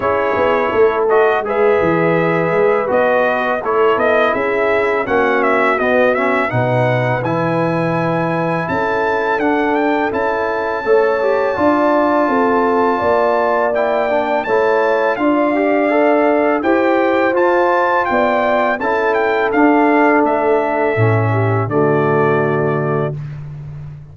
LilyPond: <<
  \new Staff \with { instrumentName = "trumpet" } { \time 4/4 \tempo 4 = 83 cis''4. dis''8 e''2 | dis''4 cis''8 dis''8 e''4 fis''8 e''8 | dis''8 e''8 fis''4 gis''2 | a''4 fis''8 g''8 a''2~ |
a''2. g''4 | a''4 f''2 g''4 | a''4 g''4 a''8 g''8 f''4 | e''2 d''2 | }
  \new Staff \with { instrumentName = "horn" } { \time 4/4 gis'4 a'4 b'2~ | b'4 a'4 gis'4 fis'4~ | fis'4 b'2. | a'2. cis''4 |
d''4 a'4 d''2 | cis''4 d''2 c''4~ | c''4 d''4 a'2~ | a'4. g'8 fis'2 | }
  \new Staff \with { instrumentName = "trombone" } { \time 4/4 e'4. fis'8 gis'2 | fis'4 e'2 cis'4 | b8 cis'8 dis'4 e'2~ | e'4 d'4 e'4 a'8 g'8 |
f'2. e'8 d'8 | e'4 f'8 g'8 a'4 g'4 | f'2 e'4 d'4~ | d'4 cis'4 a2 | }
  \new Staff \with { instrumentName = "tuba" } { \time 4/4 cis'8 b8 a4 gis8 e4 gis8 | b4 a8 b8 cis'4 ais4 | b4 b,4 e2 | cis'4 d'4 cis'4 a4 |
d'4 c'4 ais2 | a4 d'2 e'4 | f'4 b4 cis'4 d'4 | a4 a,4 d2 | }
>>